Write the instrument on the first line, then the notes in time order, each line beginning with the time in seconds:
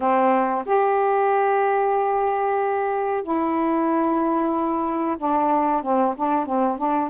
saxophone
0.00 C4
0.65 G4
3.23 E4
5.18 D4
5.82 C4
6.16 D4
6.45 C4
6.77 D4